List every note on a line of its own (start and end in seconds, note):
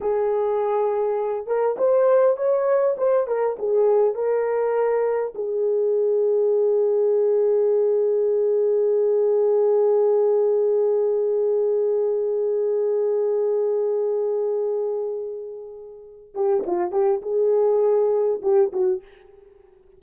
0.00 1.46 G#4
1.46 1.76 A#4
1.77 2.36 C5
2.36 2.96 C#5
2.97 3.27 C5
3.27 3.56 A#4
3.58 4.14 G#4
4.14 5.33 A#4
5.34 16.33 G#4
16.34 16.64 G4
16.66 16.91 F4
16.91 17.21 G4
17.22 18.41 G#4
18.42 18.71 G4
18.72 19.02 F#4